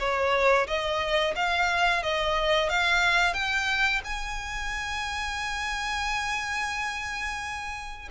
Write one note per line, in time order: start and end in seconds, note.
0.00 0.67 C#5
0.67 1.35 D#5
1.36 2.03 F5
2.03 2.70 D#5
2.70 3.34 F5
3.34 4.01 G5
4.05 8.09 G#5